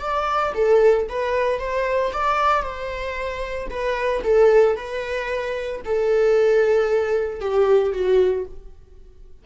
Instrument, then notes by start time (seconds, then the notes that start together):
viola
0.00 D5
0.55 A4
1.09 B4
1.59 C5
2.13 D5
2.63 C5
3.70 B4
4.24 A4
4.76 B4
5.85 A4
7.41 G4
7.93 F#4